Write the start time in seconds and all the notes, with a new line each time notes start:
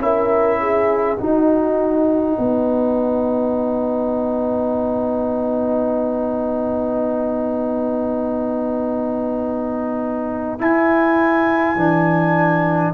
0.00 C#4 E4 A#4 E5
0.61 G#4
1.18 D#4 F#4 F#5
2.37 B3 B4
10.60 E4 G#5
11.76 E3 D4